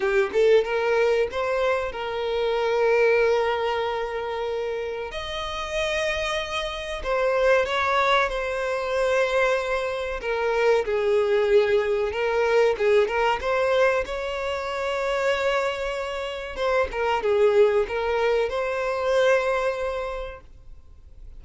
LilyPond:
\new Staff \with { instrumentName = "violin" } { \time 4/4 \tempo 4 = 94 g'8 a'8 ais'4 c''4 ais'4~ | ais'1 | dis''2. c''4 | cis''4 c''2. |
ais'4 gis'2 ais'4 | gis'8 ais'8 c''4 cis''2~ | cis''2 c''8 ais'8 gis'4 | ais'4 c''2. | }